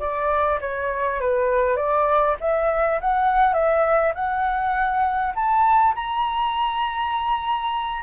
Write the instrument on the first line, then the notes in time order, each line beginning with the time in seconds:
flute
0.00 D5
0.61 C#5
1.21 B4
1.77 D5
2.41 E5
3.01 F#5
3.54 E5
4.15 F#5
5.35 A5
5.95 A#5